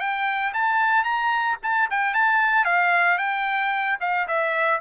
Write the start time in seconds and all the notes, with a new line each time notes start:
0.00 G5
0.54 A5
1.04 A#5
1.63 A5
1.90 G5
2.14 A5
2.65 F5
3.18 G5
4.01 F5
4.28 E5